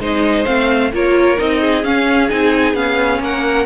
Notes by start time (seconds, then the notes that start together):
0.00 G#3 D#4 C5 D#5
0.46 A3 C4 F5
0.93 A#3 F4 A#4 C#5
1.38 C4 D#4 D#5
1.61 G#4
1.85 C#4 F5
2.30 C4 D#4 G#5
2.74 B3 C#4 F5
3.20 A#3 A#4 F#5